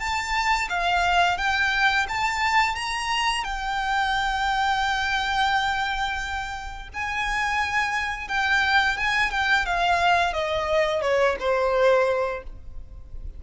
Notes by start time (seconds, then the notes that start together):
0.00 A5
0.70 F5
1.38 G5
2.09 A5
2.76 A#5
3.45 G5
6.94 G#5
8.29 G5
8.97 G#5
9.31 G5
9.66 F5
10.34 D#5
11.02 C#5
11.40 C5